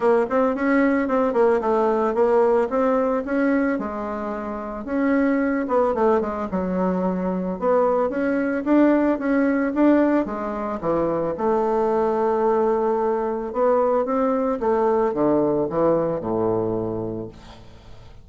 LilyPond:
\new Staff \with { instrumentName = "bassoon" } { \time 4/4 \tempo 4 = 111 ais8 c'8 cis'4 c'8 ais8 a4 | ais4 c'4 cis'4 gis4~ | gis4 cis'4. b8 a8 gis8 | fis2 b4 cis'4 |
d'4 cis'4 d'4 gis4 | e4 a2.~ | a4 b4 c'4 a4 | d4 e4 a,2 | }